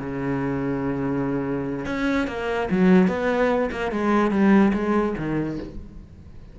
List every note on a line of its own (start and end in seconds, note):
0.00 1.86 C#3
1.86 2.28 C#4
2.28 2.69 A#3
2.71 3.08 F#3
3.08 3.70 B3
3.72 3.92 A#3
3.92 4.31 G#3
4.31 4.73 G3
4.74 5.15 G#3
5.18 5.59 D#3